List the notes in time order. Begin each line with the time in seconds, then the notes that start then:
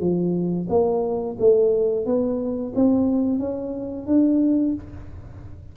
0.00 F3
0.69 A#3
1.39 A3
2.06 B3
2.75 C4
3.39 C#4
4.07 D4